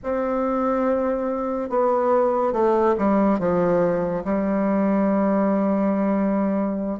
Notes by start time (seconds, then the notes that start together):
0.03 C4
1.69 B3
2.52 A3
2.98 G3
3.39 F3
4.24 G3